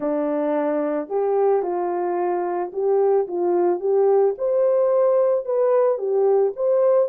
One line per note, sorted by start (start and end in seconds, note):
0.00 1.09 D4
1.09 1.62 G4
1.62 2.71 F4
2.72 3.27 G4
3.27 3.80 F4
3.80 4.34 G4
4.38 5.45 C5
5.45 5.98 B4
5.98 6.52 G4
6.56 7.09 C5